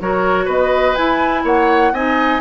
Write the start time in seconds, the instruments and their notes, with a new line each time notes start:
0.00 bassoon F#3, clarinet F#4, oboe A#4, flute C#5
0.45 bassoon B3, oboe B4, flute D#5
0.95 clarinet E4, bassoon E4, flute G#5
1.43 bassoon A#3, oboe C#5, flute F#5
1.92 bassoon C4, clarinet D#4, oboe D#5, flute G#5